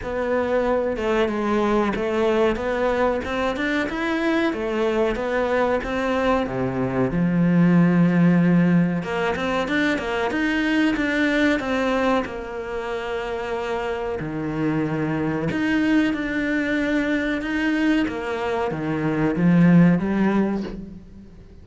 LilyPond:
\new Staff \with { instrumentName = "cello" } { \time 4/4 \tempo 4 = 93 b4. a8 gis4 a4 | b4 c'8 d'8 e'4 a4 | b4 c'4 c4 f4~ | f2 ais8 c'8 d'8 ais8 |
dis'4 d'4 c'4 ais4~ | ais2 dis2 | dis'4 d'2 dis'4 | ais4 dis4 f4 g4 | }